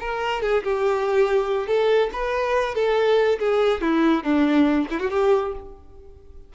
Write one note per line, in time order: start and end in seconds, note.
0.00 0.42 A#4
0.42 0.63 G#4
0.64 1.68 G4
1.68 2.10 A4
2.13 2.75 B4
2.75 3.39 A4
3.39 3.81 G#4
3.81 4.24 E4
4.24 4.87 D4
4.90 5.00 E4
5.00 5.10 F#4
5.10 5.53 G4